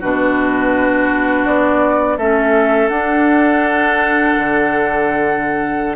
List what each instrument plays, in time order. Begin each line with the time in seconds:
0.00 bassoon B2, clarinet D4, oboe F#4, flute B4
1.45 bassoon B3, flute D5
2.17 bassoon A3, clarinet C#4, oboe A4, flute E5
2.88 bassoon D4, clarinet D4, flute F#5
4.36 bassoon D3